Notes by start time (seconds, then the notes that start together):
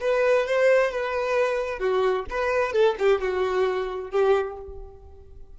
0.00 B4
0.46 C5
0.91 B4
1.79 F#4
2.30 B4
2.72 A4
2.98 G4
3.21 F#4
4.10 G4